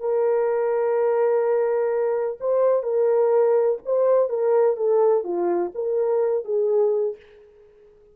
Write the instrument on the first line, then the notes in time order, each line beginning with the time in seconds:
horn
0.00 A#4
2.40 C5
2.83 A#4
3.85 C5
4.29 A#4
4.77 A4
5.24 F4
5.75 A#4
6.45 G#4